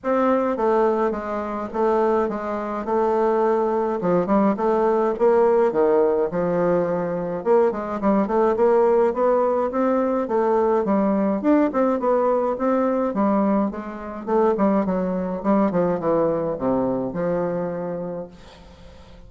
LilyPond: \new Staff \with { instrumentName = "bassoon" } { \time 4/4 \tempo 4 = 105 c'4 a4 gis4 a4 | gis4 a2 f8 g8 | a4 ais4 dis4 f4~ | f4 ais8 gis8 g8 a8 ais4 |
b4 c'4 a4 g4 | d'8 c'8 b4 c'4 g4 | gis4 a8 g8 fis4 g8 f8 | e4 c4 f2 | }